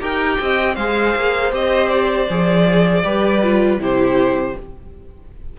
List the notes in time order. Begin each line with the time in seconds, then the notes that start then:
0.00 D#4 G4 A#4 G5
0.40 C4 D#5
0.74 G#3 G#4 C5 F5
1.16 A#3
1.52 C4 G4 D#5
1.89 D5
2.29 F3 G#4
3.04 G3 G4 B4
3.43 F4
3.78 C3 E4 G4 C5